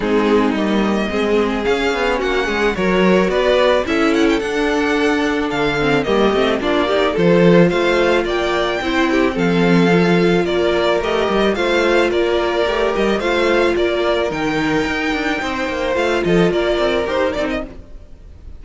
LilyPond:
<<
  \new Staff \with { instrumentName = "violin" } { \time 4/4 \tempo 4 = 109 gis'4 dis''2 f''4 | fis''4 cis''4 d''4 e''8 fis''16 g''16 | fis''2 f''4 dis''4 | d''4 c''4 f''4 g''4~ |
g''4 f''2 d''4 | dis''4 f''4 d''4. dis''8 | f''4 d''4 g''2~ | g''4 f''8 dis''8 d''4 c''8 d''16 dis''16 | }
  \new Staff \with { instrumentName = "violin" } { \time 4/4 dis'2 gis'2 | fis'8 gis'8 ais'4 b'4 a'4~ | a'2. g'4 | f'8 g'8 a'4 c''4 d''4 |
c''8 g'8 a'2 ais'4~ | ais'4 c''4 ais'2 | c''4 ais'2. | c''4. a'8 ais'2 | }
  \new Staff \with { instrumentName = "viola" } { \time 4/4 c'4 ais4 c'4 cis'4~ | cis'4 fis'2 e'4 | d'2~ d'8 c'8 ais8 c'8 | d'8 dis'8 f'2. |
e'4 c'4 f'2 | g'4 f'2 g'4 | f'2 dis'2~ | dis'4 f'2 g'8 dis'8 | }
  \new Staff \with { instrumentName = "cello" } { \time 4/4 gis4 g4 gis4 cis'8 b8 | ais8 gis8 fis4 b4 cis'4 | d'2 d4 g8 a8 | ais4 f4 a4 ais4 |
c'4 f2 ais4 | a8 g8 a4 ais4 a8 g8 | a4 ais4 dis4 dis'8 d'8 | c'8 ais8 a8 f8 ais8 c'8 dis'8 c'8 | }
>>